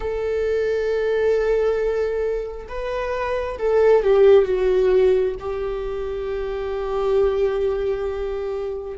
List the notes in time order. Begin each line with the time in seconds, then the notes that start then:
0.00 A4
2.68 B4
3.58 A4
4.03 G4
4.45 F#4
5.39 G4